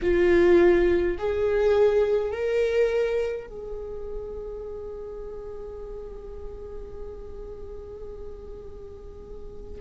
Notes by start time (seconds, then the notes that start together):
0.02 F4
1.17 G#4
2.31 A#4
3.47 G#4